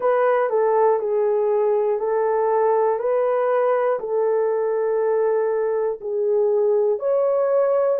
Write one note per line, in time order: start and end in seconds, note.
0.00 0.49 B4
0.49 0.99 A4
0.99 1.99 G#4
1.99 2.99 A4
2.99 3.99 B4
3.99 5.99 A4
6.00 6.99 G#4
6.99 7.99 C#5